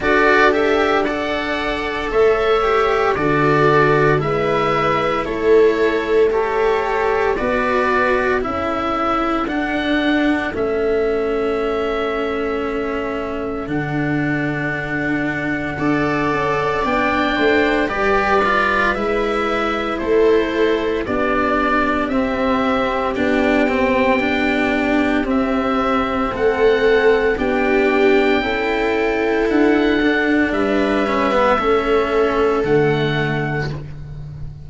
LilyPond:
<<
  \new Staff \with { instrumentName = "oboe" } { \time 4/4 \tempo 4 = 57 d''8 e''8 fis''4 e''4 d''4 | e''4 cis''4 a'4 d''4 | e''4 fis''4 e''2~ | e''4 fis''2. |
g''4 d''4 e''4 c''4 | d''4 e''4 g''2 | e''4 fis''4 g''2 | fis''4 e''2 fis''4 | }
  \new Staff \with { instrumentName = "viola" } { \time 4/4 a'4 d''4 cis''4 a'4 | b'4 a'4 cis''4 b'4 | a'1~ | a'2. d''4~ |
d''8 c''8 b'2 a'4 | g'1~ | g'4 a'4 g'4 a'4~ | a'4 b'4 a'2 | }
  \new Staff \with { instrumentName = "cello" } { \time 4/4 fis'8 g'8 a'4. g'8 fis'4 | e'2 g'4 fis'4 | e'4 d'4 cis'2~ | cis'4 d'2 a'4 |
d'4 g'8 f'8 e'2 | d'4 c'4 d'8 c'8 d'4 | c'2 d'4 e'4~ | e'8 d'4 cis'16 b16 cis'4 a4 | }
  \new Staff \with { instrumentName = "tuba" } { \time 4/4 d'2 a4 d4 | gis4 a2 b4 | cis'4 d'4 a2~ | a4 d2 d'8 cis'8 |
b8 a8 g4 gis4 a4 | b4 c'4 b2 | c'4 a4 b4 cis'4 | d'4 g4 a4 d4 | }
>>